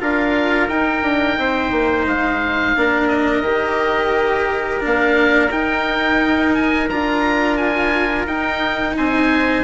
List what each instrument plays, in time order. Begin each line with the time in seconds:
0.00 bassoon D4, cello F4, trumpet A#4, oboe F5
0.68 bassoon D#4, cello D#4, oboe G5
1.03 bassoon D4
1.38 bassoon C4, trumpet C5
1.72 bassoon A#3
2.06 bassoon G#3, oboe F5
2.77 bassoon A#3, cello D4, trumpet A#4
3.08 oboe D#5
3.42 bassoon D#3, cello G4
4.80 bassoon A#3, cello D4, oboe F5
5.51 bassoon D#4, cello D#4, oboe G5
6.54 oboe G#5
6.89 bassoon D4, cello F4, oboe A#5
7.57 oboe G#5
8.27 bassoon D#4, cello D#4, oboe G5
8.97 bassoon C4, trumpet C5, oboe G#5